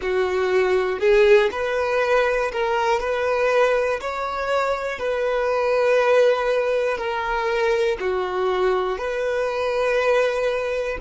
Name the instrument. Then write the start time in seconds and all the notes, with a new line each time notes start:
violin
0.01 F#4
1.00 G#4
1.51 B4
2.52 A#4
3.00 B4
4.00 C#5
4.99 B4
6.97 A#4
8.00 F#4
8.98 B4